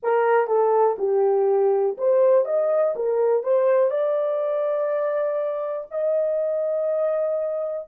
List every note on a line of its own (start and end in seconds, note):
0.03 0.46 A#4
0.46 0.96 A4
0.98 1.97 G4
1.97 2.45 C5
2.45 2.94 D#5
2.95 3.42 A#4
3.42 3.90 C5
3.90 5.87 D5
5.90 7.87 D#5